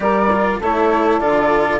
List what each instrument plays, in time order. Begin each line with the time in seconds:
0.00 bassoon G3, cello G4, saxophone A#4, flute D5
0.32 cello F4
0.59 bassoon A3, cello E4, saxophone A4, flute C#5
1.19 bassoon D3, cello F4, flute D5